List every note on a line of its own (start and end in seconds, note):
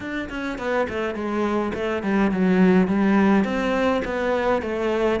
0.00 0.29 D4
0.29 0.58 C#4
0.58 0.87 B3
0.89 1.14 A3
1.14 1.72 G#3
1.74 2.02 A3
2.02 2.31 G3
2.31 2.87 F#3
2.87 3.44 G3
3.44 4.02 C4
4.04 4.62 B3
4.62 5.19 A3